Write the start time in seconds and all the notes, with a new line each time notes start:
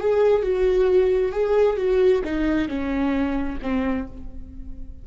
0.00 G#4
0.42 F#4
1.32 G#4
1.77 F#4
2.24 D#4
2.68 C#4
3.62 C4